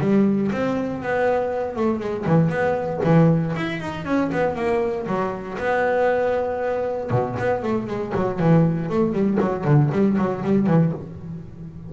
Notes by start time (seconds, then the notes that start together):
0.00 G3
0.52 C4
1.02 B3
1.76 A3
1.99 G#3
2.26 E3
2.49 B3
3.03 E3
3.56 E4
3.80 D#4
4.05 C#4
4.32 B3
4.55 A#3
5.06 F#3
5.58 B3
7.10 B2
7.38 B3
7.62 A3
7.87 G#3
8.15 F#3
8.39 E3
8.89 A3
9.12 G3
9.40 F#3
9.64 D3
9.92 G3
10.17 F#3
10.44 G3
10.66 E3